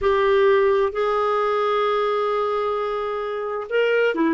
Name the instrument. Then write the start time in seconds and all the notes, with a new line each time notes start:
clarinet
0.01 G4
0.92 G#4
3.69 A#4
4.15 E4